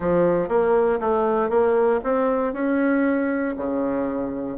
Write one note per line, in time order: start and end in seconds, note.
0.00 0.48 F3
0.48 0.99 A#3
1.00 1.49 A3
1.49 2.00 A#3
2.03 2.53 C4
2.53 3.55 C#4
3.57 4.57 C#3